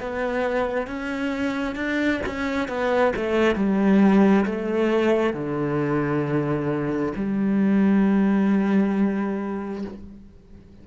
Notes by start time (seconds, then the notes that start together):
0.00 B3
0.87 C#4
1.75 D4
2.26 C#4
2.68 B3
3.16 A3
3.55 G3
4.45 A3
5.33 D3
7.16 G3